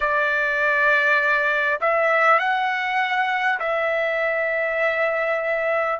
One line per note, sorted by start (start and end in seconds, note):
0.00 1.79 D5
1.80 2.39 E5
2.39 3.59 F#5
3.59 5.99 E5